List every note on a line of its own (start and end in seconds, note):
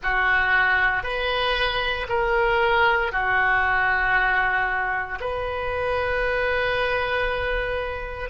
0.02 1.03 F#4
1.03 2.06 B4
2.08 3.11 A#4
3.11 5.18 F#4
5.20 8.29 B4